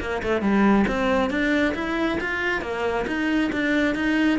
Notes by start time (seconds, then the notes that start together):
0.00 A#3
0.22 A3
0.42 G3
0.87 C4
1.30 D4
1.75 E4
2.20 F4
2.61 A#3
3.07 D#4
3.52 D4
3.95 D#4